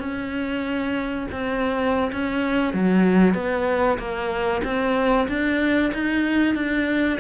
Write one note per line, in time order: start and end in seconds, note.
0.00 1.28 C#4
1.32 2.12 C4
2.12 2.74 C#4
2.74 3.35 F#3
3.35 3.98 B3
3.99 4.62 A#3
4.64 5.28 C4
5.29 5.92 D4
5.94 6.55 D#4
6.55 7.19 D4